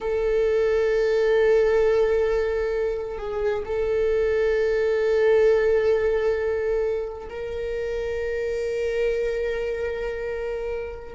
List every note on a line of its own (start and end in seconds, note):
0.00 3.18 A4
3.18 3.63 G#4
3.65 7.29 A4
7.29 11.15 A#4